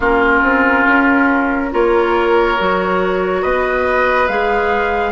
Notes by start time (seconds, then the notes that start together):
0.00 A#3 C#4 F4 A#4
0.42 C4
0.87 C#4
1.71 A#3 F4 A#4 C#5
2.58 F#3 F#4
3.42 B3 B4 D#5
4.27 G#3 G#4 F5